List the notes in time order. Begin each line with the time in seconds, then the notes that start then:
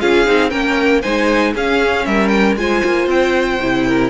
0.00 C#4 F4 G#4 F5
0.26 C4 D#4
0.50 A#3 C#4 A#4 G5
1.01 G#3 D#4 C5 G#5
1.54 C#4 G#4 F5
2.06 G3 A#4 E5
2.28 G5
2.56 G#3 F4 C5 G#5
2.84 A#3
3.07 C4 G5
3.62 C3 E4
3.87 A#4